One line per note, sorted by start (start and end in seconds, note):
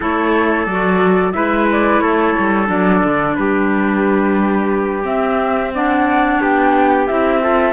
0.00 0.66 A3
0.00 0.67 E4
0.00 1.35 A4
0.00 0.65 C#5
0.65 1.33 F#3
0.65 1.32 F#4
0.65 1.32 D5
1.32 2.00 G#3
1.32 2.66 E4
1.32 2.02 B4
1.32 1.66 E5
1.71 1.99 D5
1.99 2.34 A3
1.99 3.36 A4
1.99 2.67 C#5
2.38 2.69 G3
2.66 3.02 F#3
2.66 5.02 D4
2.66 3.35 D5
3.03 3.37 D3
3.35 5.04 G3
3.35 5.74 G4
3.35 5.03 B4
5.03 5.70 C4
5.03 6.39 C4
5.03 5.72 E5
5.74 7.09 D4
5.74 6.41 D5
5.74 6.41 F#5
6.41 7.08 B3
6.41 7.42 G4
6.41 7.07 G5
7.07 7.72 C4
7.07 7.41 E4
7.07 7.72 E5
7.41 7.72 F4
7.41 7.72 A4